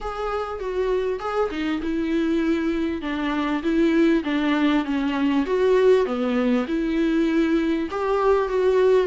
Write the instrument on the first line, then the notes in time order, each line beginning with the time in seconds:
viola
0.00 G#4
0.59 F#4
1.19 G#4
1.50 D#4
1.82 E4
3.01 D4
3.62 E4
4.24 D4
4.85 C#4
5.46 F#4
6.05 B3
6.67 E4
7.90 G4
8.48 F#4